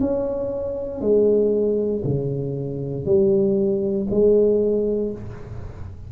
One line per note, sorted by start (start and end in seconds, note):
0.00 1.01 C#4
1.01 2.02 G#3
2.04 3.05 C#3
3.05 4.07 G3
4.10 5.12 G#3